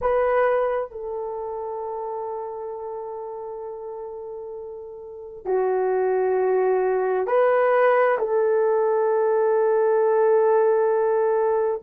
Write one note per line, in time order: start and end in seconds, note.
0.01 0.91 B4
0.91 5.45 A4
5.45 7.26 F#4
7.26 8.17 B4
8.18 11.81 A4